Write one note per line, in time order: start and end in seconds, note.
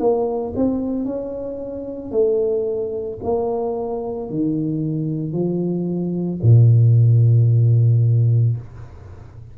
0.00 0.54 A#3
0.56 1.05 C4
1.05 2.11 C#4
2.11 3.19 A3
3.23 4.30 A#3
4.30 5.33 D#3
5.33 6.40 F3
6.42 8.57 A#2